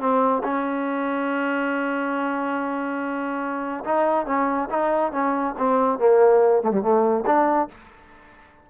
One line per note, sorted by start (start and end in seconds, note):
0.00 0.43 C4
0.44 3.84 C#4
3.84 4.26 D#4
4.26 4.69 C#4
4.70 5.12 D#4
5.12 5.55 C#4
5.58 5.99 C4
5.99 6.63 A#3
6.63 6.71 A3
6.71 6.82 G3
6.82 7.25 A3
7.26 7.68 D4